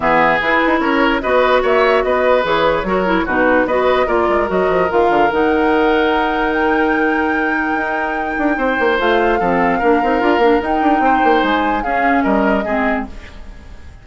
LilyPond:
<<
  \new Staff \with { instrumentName = "flute" } { \time 4/4 \tempo 4 = 147 e''4 b'4 cis''4 dis''4 | e''4 dis''4 cis''2 | b'4 dis''4 d''4 dis''4 | f''4 fis''2. |
g''1~ | g''2 f''2~ | f''2 g''2 | gis''4 f''4 dis''2 | }
  \new Staff \with { instrumentName = "oboe" } { \time 4/4 gis'2 ais'4 b'4 | cis''4 b'2 ais'4 | fis'4 b'4 ais'2~ | ais'1~ |
ais'1~ | ais'4 c''2 a'4 | ais'2. c''4~ | c''4 gis'4 ais'4 gis'4 | }
  \new Staff \with { instrumentName = "clarinet" } { \time 4/4 b4 e'2 fis'4~ | fis'2 gis'4 fis'8 e'8 | dis'4 fis'4 f'4 fis'4 | f'4 dis'2.~ |
dis'1~ | dis'2 f'4 c'4 | d'8 dis'8 f'8 d'8 dis'2~ | dis'4 cis'2 c'4 | }
  \new Staff \with { instrumentName = "bassoon" } { \time 4/4 e4 e'8 dis'8 cis'4 b4 | ais4 b4 e4 fis4 | b,4 b4 ais8 gis8 fis8 f8 | dis8 d8 dis2.~ |
dis2. dis'4~ | dis'8 d'8 c'8 ais8 a4 f4 | ais8 c'8 d'8 ais8 dis'8 d'8 c'8 ais8 | gis4 cis'4 g4 gis4 | }
>>